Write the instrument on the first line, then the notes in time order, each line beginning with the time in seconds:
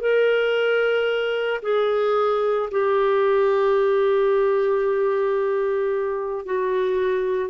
clarinet
0.00 A#4
1.62 G#4
2.71 G4
6.45 F#4